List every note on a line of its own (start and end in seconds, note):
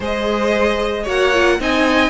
0.00 1.06 G#3
0.00 1.05 G#4
0.00 1.03 C5
0.00 1.08 D#5
1.03 1.60 A#3
1.03 1.32 F#4
1.03 1.56 C#5
1.03 1.61 F#5
1.33 1.59 F4
1.59 2.10 C4
1.59 2.10 D#4
1.59 2.10 D#5
1.59 2.10 G#5